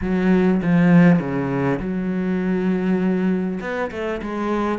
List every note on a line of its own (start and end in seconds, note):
0.01 0.61 F#3
0.62 1.19 F3
1.19 1.79 C#3
1.79 3.59 F#3
3.61 3.91 B3
3.91 4.21 A3
4.22 4.78 G#3